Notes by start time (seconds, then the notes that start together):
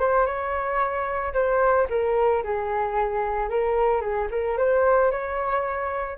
0.00 C5
0.27 C#5
1.34 C5
1.90 A#4
2.44 G#4
3.50 A#4
4.02 G#4
4.31 A#4
4.58 C5
5.12 C#5